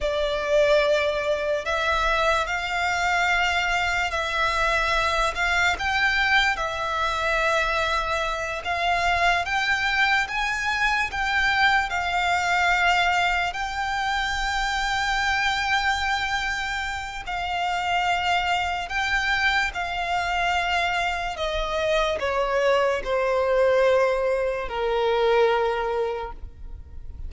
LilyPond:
\new Staff \with { instrumentName = "violin" } { \time 4/4 \tempo 4 = 73 d''2 e''4 f''4~ | f''4 e''4. f''8 g''4 | e''2~ e''8 f''4 g''8~ | g''8 gis''4 g''4 f''4.~ |
f''8 g''2.~ g''8~ | g''4 f''2 g''4 | f''2 dis''4 cis''4 | c''2 ais'2 | }